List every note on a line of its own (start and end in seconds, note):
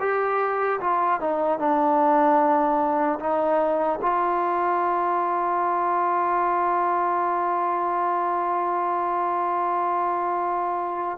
0.00 0.80 G4
0.80 1.20 F4
1.20 1.59 D#4
1.59 3.19 D4
3.20 4.00 D#4
4.02 11.18 F4